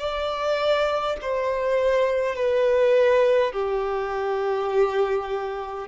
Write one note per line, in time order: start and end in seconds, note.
0.00 1.18 D5
1.22 2.36 C5
2.36 3.53 B4
3.53 5.88 G4